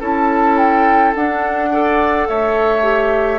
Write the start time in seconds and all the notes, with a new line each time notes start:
0.00 C#4 E4 A4 A5
0.58 G5
1.15 D4 F#5
1.71 A4 D5
2.29 A3 C#5 E5
2.83 G4